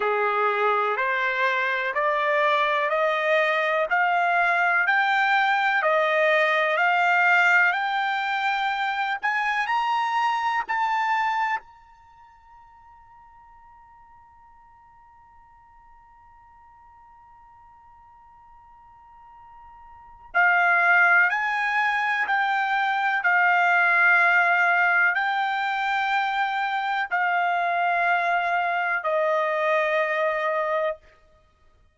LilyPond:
\new Staff \with { instrumentName = "trumpet" } { \time 4/4 \tempo 4 = 62 gis'4 c''4 d''4 dis''4 | f''4 g''4 dis''4 f''4 | g''4. gis''8 ais''4 a''4 | ais''1~ |
ais''1~ | ais''4 f''4 gis''4 g''4 | f''2 g''2 | f''2 dis''2 | }